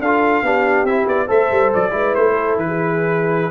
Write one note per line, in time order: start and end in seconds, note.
0.00 0.43 D4
0.00 0.45 F4
0.00 0.45 A4
0.00 0.87 F5
0.43 0.84 B3
0.43 0.87 D4
0.43 1.27 G4
0.84 1.05 C4
0.84 1.28 E4
0.84 1.08 E5
1.07 1.29 B3
1.07 1.30 D5
1.27 1.52 A3
1.27 1.91 A4
1.27 1.91 C5
1.27 1.73 E5
1.52 1.73 G3
1.74 1.93 F#3
1.74 2.15 D5
1.91 2.14 G#3
1.91 3.51 E4
1.91 2.33 B4
2.15 2.56 A3
2.15 2.58 C5
2.33 2.65 A4
2.56 3.51 E3
2.56 3.51 B4
2.67 3.51 G#4